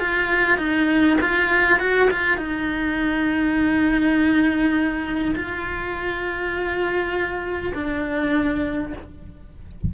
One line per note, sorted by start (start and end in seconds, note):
0.00 0.58 F4
0.58 1.17 D#4
1.22 1.80 F4
1.80 2.09 F#4
2.11 2.38 F4
2.38 5.35 D#4
5.36 7.73 F4
7.75 8.94 D4